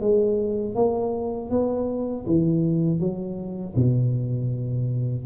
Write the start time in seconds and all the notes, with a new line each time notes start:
0.00 G#3
0.75 A#3
1.50 B3
2.26 E3
3.00 F#3
3.76 B2